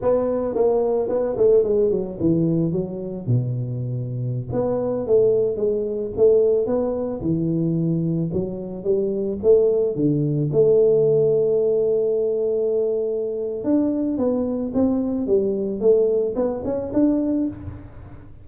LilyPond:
\new Staff \with { instrumentName = "tuba" } { \time 4/4 \tempo 4 = 110 b4 ais4 b8 a8 gis8 fis8 | e4 fis4 b,2~ | b,16 b4 a4 gis4 a8.~ | a16 b4 e2 fis8.~ |
fis16 g4 a4 d4 a8.~ | a1~ | a4 d'4 b4 c'4 | g4 a4 b8 cis'8 d'4 | }